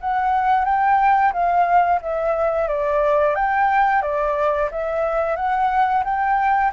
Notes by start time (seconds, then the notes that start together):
0.00 F#5
0.64 G5
1.32 F5
2.01 E5
2.68 D5
3.35 G5
4.02 D5
4.71 E5
5.36 F#5
6.04 G5